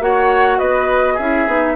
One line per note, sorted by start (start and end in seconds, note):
0.00 0.59 A#3
0.00 1.18 F#4
0.00 0.58 C#5
0.00 0.59 F#5
0.58 1.19 B3
0.58 1.14 B4
0.58 1.18 D#5
1.14 1.47 C#4
1.14 1.73 G#4
1.14 1.76 E5
1.20 1.48 E4
1.47 1.76 B3
1.47 1.76 D#4